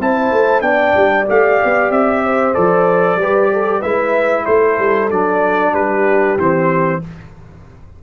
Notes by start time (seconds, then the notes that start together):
0.00 C4 E4 C5 A5
0.32 A3
0.61 B3 D4 D5 G5
0.96 G3
1.26 A3 G4 F5
1.64 B3
1.90 C4 E5
2.24 C5
2.54 F3 A4 D5
3.16 G3 G4 B4
3.53 A4
3.80 G#3 E4 B4 E5
4.45 A3 A4 C5
4.79 G3
5.11 F#3 D4 D5
5.74 G3 G4 B4
6.38 E3 C4 C5